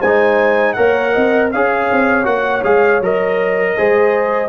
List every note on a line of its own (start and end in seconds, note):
0.00 0.75 G#3
0.00 0.77 D#4
0.00 0.75 C5
0.00 0.74 G#5
0.74 1.15 A#3
0.74 1.52 A#4
0.74 1.13 C#5
0.74 1.49 F#5
1.13 1.54 C4
1.13 1.51 D#5
1.52 1.91 C#4
1.52 2.25 G#4
1.52 3.77 C#5
1.52 2.26 F5
1.92 2.26 C4
2.25 2.63 A#3
2.25 2.62 F#4
2.25 2.63 F#5
2.64 3.00 G#3
2.64 3.02 G#4
2.64 3.02 F5
3.00 3.75 F#3
3.00 3.78 A#4
3.00 4.49 D#5
3.77 4.49 G#3
3.77 4.49 G#4
3.77 4.49 C5